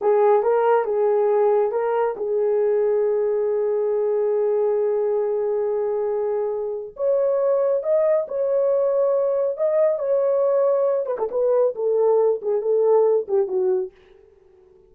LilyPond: \new Staff \with { instrumentName = "horn" } { \time 4/4 \tempo 4 = 138 gis'4 ais'4 gis'2 | ais'4 gis'2.~ | gis'1~ | gis'1 |
cis''2 dis''4 cis''4~ | cis''2 dis''4 cis''4~ | cis''4. b'16 a'16 b'4 a'4~ | a'8 gis'8 a'4. g'8 fis'4 | }